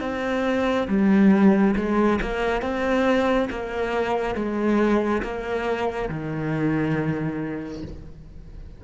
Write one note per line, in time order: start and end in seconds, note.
0.00 0.87 C4
0.88 1.75 G3
1.76 2.19 G#3
2.21 2.62 A#3
2.62 3.49 C4
3.50 4.35 A#3
4.35 5.22 G#3
5.22 6.09 A#3
6.09 7.83 D#3